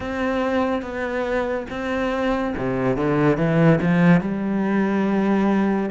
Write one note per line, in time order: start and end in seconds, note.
0.00 0.81 C4
0.81 1.66 B3
1.69 2.54 C4
2.57 2.96 C3
2.96 3.37 D3
3.37 3.79 E3
3.81 4.20 F3
4.20 5.89 G3